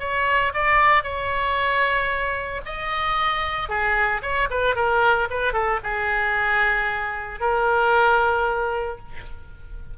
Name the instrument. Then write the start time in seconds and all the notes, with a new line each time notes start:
oboe
0.00 C#5
0.54 D5
1.04 C#5
2.65 D#5
3.69 G#4
4.22 C#5
4.50 B4
4.76 A#4
5.30 B4
5.53 A4
5.83 G#4
7.40 A#4